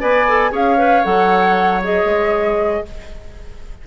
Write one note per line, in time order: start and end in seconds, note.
0.00 0.52 B3
0.00 0.26 B4
0.00 0.52 D5
0.00 0.52 G#5
0.28 0.51 A4
0.51 1.03 C#4
0.51 0.76 G#4
0.51 2.82 C#5
0.51 1.04 F5
0.77 1.03 B4
1.04 2.04 F#3
1.04 1.81 A4
1.04 1.81 F#5
1.83 2.85 G#4
1.83 2.87 D#5
2.04 2.81 G#3